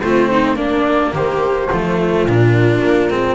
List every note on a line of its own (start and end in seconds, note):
0.00 0.56 A3
0.00 0.56 C4
0.00 0.30 F4
0.00 0.56 C5
0.30 0.56 D#4
0.56 1.68 A#3
0.56 1.12 A#3
0.56 1.12 D4
0.56 1.13 D5
1.13 1.69 D#3
1.13 1.70 G4
1.13 2.28 C5
1.72 2.26 F3
1.72 2.28 A3
1.72 3.35 F4
2.26 2.82 A#2
2.26 3.10 D4
2.26 3.35 A#4
2.84 3.11 A#3
3.10 3.35 G#3
3.10 3.35 C4